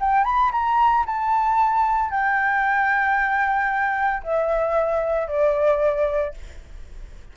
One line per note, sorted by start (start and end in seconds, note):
0.00 0.24 G5
0.24 0.51 B5
0.52 1.05 A#5
1.06 2.10 A5
2.10 4.23 G5
4.23 5.28 E5
5.28 6.34 D5